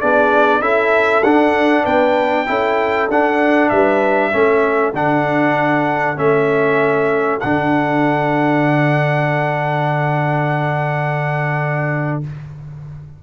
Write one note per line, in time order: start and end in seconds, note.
0.00 0.60 B3
0.00 0.61 D4
0.00 0.60 G#4
0.00 0.61 D5
0.60 1.22 C#4
0.60 1.23 E4
0.60 1.83 A4
0.60 1.23 E5
1.23 1.85 D4
1.23 2.46 D4
1.23 1.85 F#5
1.83 2.47 B3
1.83 2.45 B4
1.83 3.09 G5
2.46 3.09 C#4
2.46 3.08 E4
2.46 3.72 A4
3.09 3.70 D4
3.09 4.31 D4
3.09 3.69 F#5
3.69 4.33 G3
3.69 4.33 B4
3.69 4.93 E5
4.31 4.93 A3
4.31 4.93 C#4
4.31 12.21 A4
4.93 6.17 D3
4.93 6.16 D4
4.93 6.18 F#5
6.16 7.41 A3
6.16 7.40 C#4
6.16 7.40 E5
7.40 12.23 D3
7.40 12.23 D4
7.40 12.19 F#5